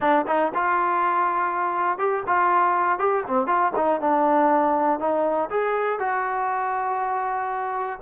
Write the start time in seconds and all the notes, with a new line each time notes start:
0.00 D4
0.27 D#4
0.54 F4
1.98 G4
2.26 F4
2.98 G4
3.27 C4
3.46 F4
3.75 D#4
4.00 D4
4.99 D#4
5.50 G#4
5.99 F#4